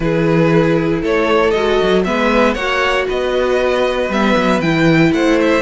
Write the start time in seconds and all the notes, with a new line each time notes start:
0.00 E3 E4 G#4 B4
1.01 A3 A4 C#5
1.51 G#3 F#4 D#5
1.82 F#3
2.04 G#3 B3 B4 E5
2.53 A#3 F#4 C#5 F#5
3.07 B3 B4 D#5
4.09 G3 B3 E5
4.36 F#3
4.60 E3 E4 G5
5.12 A3 C5 F#5
5.40 E5